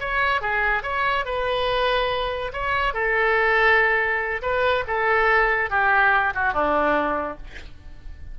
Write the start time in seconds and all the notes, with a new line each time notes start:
0.00 C#5
0.41 G#4
0.83 C#5
1.25 B4
2.53 C#5
2.93 A4
4.42 B4
4.87 A4
5.70 G4
6.34 F#4
6.53 D4